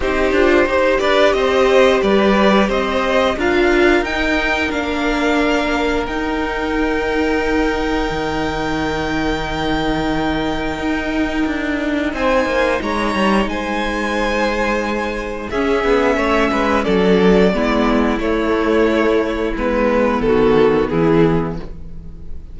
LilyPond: <<
  \new Staff \with { instrumentName = "violin" } { \time 4/4 \tempo 4 = 89 c''4. d''8 dis''4 d''4 | dis''4 f''4 g''4 f''4~ | f''4 g''2.~ | g''1~ |
g''2 gis''4 ais''4 | gis''2. e''4~ | e''4 d''2 cis''4~ | cis''4 b'4 a'4 gis'4 | }
  \new Staff \with { instrumentName = "violin" } { \time 4/4 g'4 c''8 b'8 c''4 b'4 | c''4 ais'2.~ | ais'1~ | ais'1~ |
ais'2 c''4 cis''4 | c''2. gis'4 | cis''8 b'8 a'4 e'2~ | e'2 fis'4 e'4 | }
  \new Staff \with { instrumentName = "viola" } { \time 4/4 dis'8 f'8 g'2.~ | g'4 f'4 dis'4 d'4~ | d'4 dis'2.~ | dis'1~ |
dis'1~ | dis'2. cis'4~ | cis'2 b4 a4~ | a4 b2. | }
  \new Staff \with { instrumentName = "cello" } { \time 4/4 c'8 d'8 dis'8 d'8 c'4 g4 | c'4 d'4 dis'4 ais4~ | ais4 dis'2. | dis1 |
dis'4 d'4 c'8 ais8 gis8 g8 | gis2. cis'8 b8 | a8 gis8 fis4 gis4 a4~ | a4 gis4 dis4 e4 | }
>>